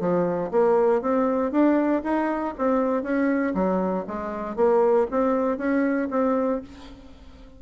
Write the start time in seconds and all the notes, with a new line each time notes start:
0.00 F3
0.51 A#3
1.01 C4
1.52 D4
2.03 D#4
2.58 C4
3.03 C#4
3.55 F#3
4.07 G#3
4.56 A#3
5.11 C4
5.57 C#4
6.11 C4